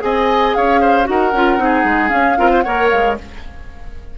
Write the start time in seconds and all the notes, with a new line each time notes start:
0.00 C4 G#4 D#5 G#5
0.55 C#4 C#5 F5
0.81 C5
1.05 D#4 F#4 A#4 F#5
1.33 C#4 F4
1.58 C4 D#4
1.64 G#4
1.84 G#3
2.10 C#4 F5
2.38 C4 F4 A#4
2.51 C5
2.62 A#3 A#4 C#5 F#5
2.90 G#3 F5